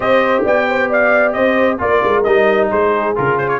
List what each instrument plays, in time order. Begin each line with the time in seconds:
0.00 tuba C4, trombone G4, horn C5, trumpet D#5
0.44 tuba B3, horn D5, trumpet G5
0.68 horn C5
0.89 horn D5, trumpet F5
1.32 tuba C4, horn C5, trumpet D#5
1.78 tuba A#3, trombone F4, horn A#4, trumpet D5
2.04 tuba G#3
2.23 tuba G3, trombone D#4, trumpet D#5
2.70 tuba G#3, horn G#4, trumpet C5
3.15 tuba C#3, trombone F4, trumpet A#4
3.38 trumpet C5
3.48 trumpet C#5